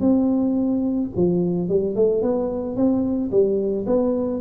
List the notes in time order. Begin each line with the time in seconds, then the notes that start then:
0.00 C4
1.16 F3
1.68 G3
1.95 A3
2.22 B3
2.76 C4
3.31 G3
3.86 B3